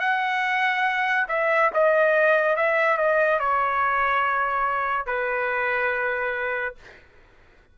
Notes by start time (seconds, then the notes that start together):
0.00 F#5
1.29 E5
1.74 D#5
2.57 E5
2.98 D#5
3.40 C#5
5.07 B4